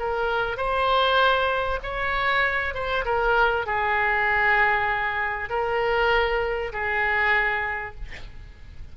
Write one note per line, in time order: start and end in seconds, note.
0.00 0.57 A#4
0.57 1.80 C5
1.84 2.75 C#5
2.75 3.05 C5
3.05 3.67 A#4
3.67 5.50 G#4
5.50 6.73 A#4
6.73 7.96 G#4